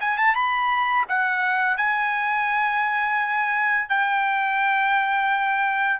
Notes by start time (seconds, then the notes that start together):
0.00 G#5
0.17 A5
0.35 B5
1.08 F#5
1.77 G#5
3.89 G5